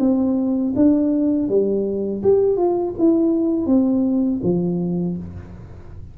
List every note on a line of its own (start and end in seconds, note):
0.00 0.74 C4
0.76 1.49 D4
1.49 2.23 G3
2.23 2.58 G4
2.58 2.95 F4
2.99 3.66 E4
3.66 4.40 C4
4.43 5.18 F3